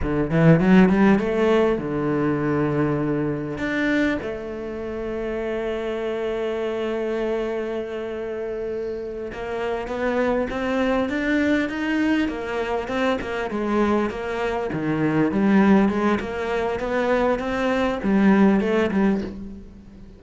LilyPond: \new Staff \with { instrumentName = "cello" } { \time 4/4 \tempo 4 = 100 d8 e8 fis8 g8 a4 d4~ | d2 d'4 a4~ | a1~ | a2.~ a8 ais8~ |
ais8 b4 c'4 d'4 dis'8~ | dis'8 ais4 c'8 ais8 gis4 ais8~ | ais8 dis4 g4 gis8 ais4 | b4 c'4 g4 a8 g8 | }